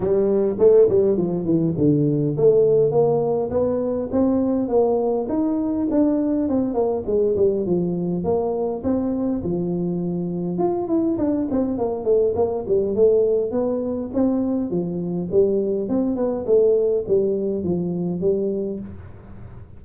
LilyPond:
\new Staff \with { instrumentName = "tuba" } { \time 4/4 \tempo 4 = 102 g4 a8 g8 f8 e8 d4 | a4 ais4 b4 c'4 | ais4 dis'4 d'4 c'8 ais8 | gis8 g8 f4 ais4 c'4 |
f2 f'8 e'8 d'8 c'8 | ais8 a8 ais8 g8 a4 b4 | c'4 f4 g4 c'8 b8 | a4 g4 f4 g4 | }